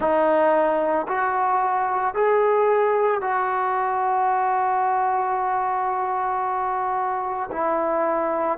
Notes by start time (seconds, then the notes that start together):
0.00 D#4
1.08 F#4
2.14 G#4
3.21 F#4
7.51 E4